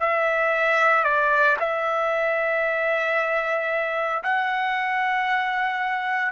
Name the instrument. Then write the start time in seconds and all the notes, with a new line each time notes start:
trumpet
0.00 E5
1.04 D5
1.59 E5
4.23 F#5